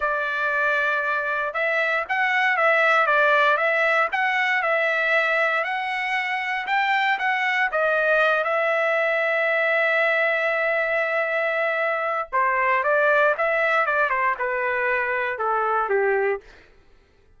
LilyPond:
\new Staff \with { instrumentName = "trumpet" } { \time 4/4 \tempo 4 = 117 d''2. e''4 | fis''4 e''4 d''4 e''4 | fis''4 e''2 fis''4~ | fis''4 g''4 fis''4 dis''4~ |
dis''8 e''2.~ e''8~ | e''1 | c''4 d''4 e''4 d''8 c''8 | b'2 a'4 g'4 | }